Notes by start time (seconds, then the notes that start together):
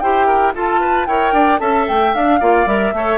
0.00 E4 G4 C5 G5
0.27 A#4
0.55 F4 A4 A5
0.81 B4
1.06 E4 A#4 C#5 G5
1.33 D4 D5
1.59 C#4 A4 E5 A5
1.88 A3 G5
2.14 D4 F5
2.40 A#3 F4 D5
2.66 G3 A#4 E5
2.93 A3 A4 C#5